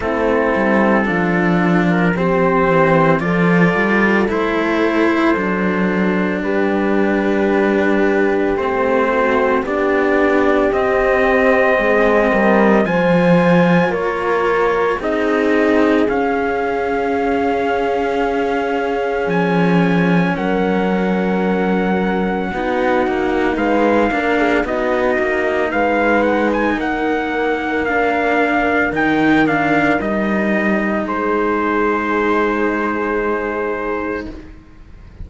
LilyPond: <<
  \new Staff \with { instrumentName = "trumpet" } { \time 4/4 \tempo 4 = 56 a'4.~ a'16 ais'16 c''4 d''4 | c''2 b'2 | c''4 d''4 dis''2 | gis''4 cis''4 dis''4 f''4~ |
f''2 gis''4 fis''4~ | fis''2 f''4 dis''4 | f''8 fis''16 gis''16 fis''4 f''4 g''8 f''8 | dis''4 c''2. | }
  \new Staff \with { instrumentName = "horn" } { \time 4/4 e'4 f'4 g'4 a'4~ | a'2 g'2~ | g'8 fis'8 g'2 gis'8 ais'8 | c''4 ais'4 gis'2~ |
gis'2. ais'4~ | ais'4 fis'4 b'8 ais'16 gis'16 fis'4 | b'4 ais'2.~ | ais'4 gis'2. | }
  \new Staff \with { instrumentName = "cello" } { \time 4/4 c'4 d'4 c'4 f'4 | e'4 d'2. | c'4 d'4 c'2 | f'2 dis'4 cis'4~ |
cis'1~ | cis'4 dis'4. d'8 dis'4~ | dis'2 d'4 dis'8 d'8 | dis'1 | }
  \new Staff \with { instrumentName = "cello" } { \time 4/4 a8 g8 f4. e8 f8 g8 | a4 fis4 g2 | a4 b4 c'4 gis8 g8 | f4 ais4 c'4 cis'4~ |
cis'2 f4 fis4~ | fis4 b8 ais8 gis8 ais8 b8 ais8 | gis4 ais2 dis4 | g4 gis2. | }
>>